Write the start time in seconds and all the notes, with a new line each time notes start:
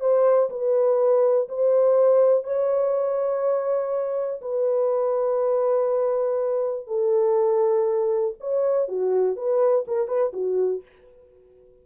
0.00 C5
0.50 B4
1.48 C5
2.43 C#5
4.41 B4
6.87 A4
8.40 C#5
8.88 F#4
9.36 B4
9.87 A#4
10.08 B4
10.33 F#4